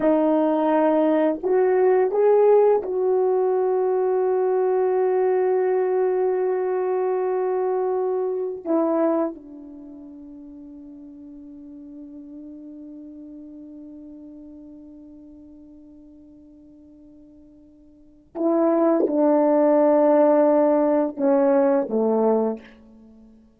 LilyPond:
\new Staff \with { instrumentName = "horn" } { \time 4/4 \tempo 4 = 85 dis'2 fis'4 gis'4 | fis'1~ | fis'1~ | fis'16 e'4 d'2~ d'8.~ |
d'1~ | d'1~ | d'2 e'4 d'4~ | d'2 cis'4 a4 | }